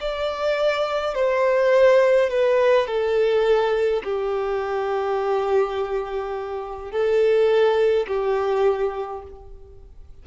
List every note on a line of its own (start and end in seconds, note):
0.00 1.14 D5
1.14 2.29 C5
2.30 2.87 B4
2.87 4.02 A4
4.04 6.91 G4
6.91 8.06 A4
8.07 9.23 G4